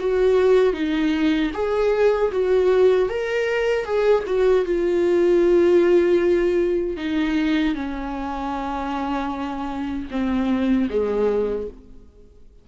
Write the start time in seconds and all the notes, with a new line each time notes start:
0.00 F#4
0.74 D#4
1.54 G#4
2.32 F#4
3.10 A#4
3.85 G#4
4.27 F#4
4.65 F4
6.97 D#4
7.75 C#4
10.11 C4
10.90 G#3